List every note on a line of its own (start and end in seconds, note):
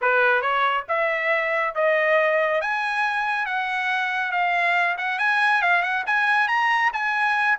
0.01 0.41 B4
0.41 0.84 C#5
0.88 1.74 E5
1.75 2.61 D#5
2.61 3.45 G#5
3.45 4.31 F#5
4.31 4.96 F5
4.97 5.19 F#5
5.19 5.62 G#5
5.62 5.82 F5
5.82 6.04 F#5
6.06 6.47 G#5
6.47 6.91 A#5
6.93 7.57 G#5